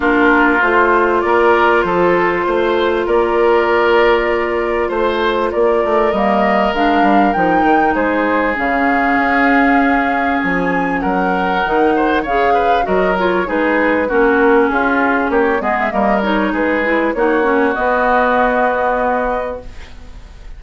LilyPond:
<<
  \new Staff \with { instrumentName = "flute" } { \time 4/4 \tempo 4 = 98 ais'4 c''4 d''4 c''4~ | c''4 d''2. | c''4 d''4 dis''4 f''4 | g''4 c''4 f''2~ |
f''4 gis''4 fis''2 | f''4 dis''8 cis''8 b'4 ais'4 | gis'4 cis''8 dis''16 e''16 dis''8 cis''8 b'4 | cis''4 dis''2. | }
  \new Staff \with { instrumentName = "oboe" } { \time 4/4 f'2 ais'4 a'4 | c''4 ais'2. | c''4 ais'2.~ | ais'4 gis'2.~ |
gis'2 ais'4. c''8 | cis''8 b'8 ais'4 gis'4 fis'4 | f'4 g'8 gis'8 ais'4 gis'4 | fis'1 | }
  \new Staff \with { instrumentName = "clarinet" } { \time 4/4 d'4 f'2.~ | f'1~ | f'2 ais4 d'4 | dis'2 cis'2~ |
cis'2. dis'4 | gis'4 fis'8 f'8 dis'4 cis'4~ | cis'4. b8 ais8 dis'4 e'8 | dis'8 cis'8 b2. | }
  \new Staff \with { instrumentName = "bassoon" } { \time 4/4 ais4 a4 ais4 f4 | a4 ais2. | a4 ais8 a8 g4 gis8 g8 | f8 dis8 gis4 cis4 cis'4~ |
cis'4 f4 fis4 dis4 | cis4 fis4 gis4 ais4 | cis'4 ais8 gis8 g4 gis4 | ais4 b2. | }
>>